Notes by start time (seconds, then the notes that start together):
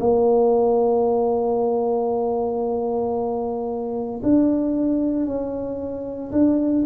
0.00 A#3
4.23 D4
5.27 C#4
6.32 D4